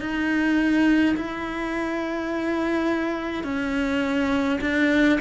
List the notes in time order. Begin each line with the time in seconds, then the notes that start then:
0.00 D#4
1.16 E4
3.44 C#4
4.61 D4